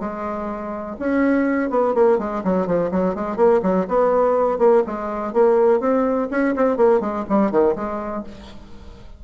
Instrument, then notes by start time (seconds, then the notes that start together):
bassoon
0.00 G#3
1.00 C#4
1.70 B3
1.95 A#3
2.19 G#3
2.44 F#3
2.67 F3
2.91 F#3
3.15 G#3
3.37 A#3
3.63 F#3
3.88 B3
4.59 A#3
4.87 G#3
5.34 A#3
5.80 C4
6.31 C#4
6.56 C4
6.77 A#3
7.01 G#3
7.30 G3
7.52 D#3
7.76 G#3